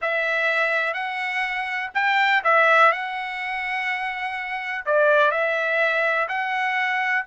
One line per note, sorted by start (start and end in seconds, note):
0.01 0.93 E5
0.93 1.90 F#5
1.94 2.42 G5
2.43 2.91 E5
2.91 4.85 F#5
4.85 5.31 D5
5.31 6.27 E5
6.28 7.25 F#5